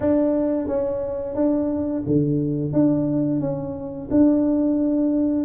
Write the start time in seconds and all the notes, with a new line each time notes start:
0.00 D4
0.67 C#4
1.35 D4
2.06 D3
2.72 D4
3.40 C#4
4.10 D4